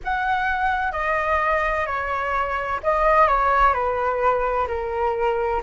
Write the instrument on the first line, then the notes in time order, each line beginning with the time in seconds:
flute
0.03 F#5
0.92 D#5
1.86 C#5
2.83 D#5
3.27 C#5
3.73 B4
4.67 A#4